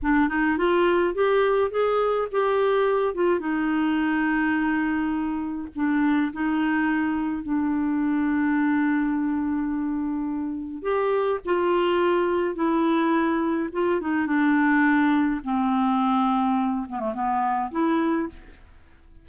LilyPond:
\new Staff \with { instrumentName = "clarinet" } { \time 4/4 \tempo 4 = 105 d'8 dis'8 f'4 g'4 gis'4 | g'4. f'8 dis'2~ | dis'2 d'4 dis'4~ | dis'4 d'2.~ |
d'2. g'4 | f'2 e'2 | f'8 dis'8 d'2 c'4~ | c'4. b16 a16 b4 e'4 | }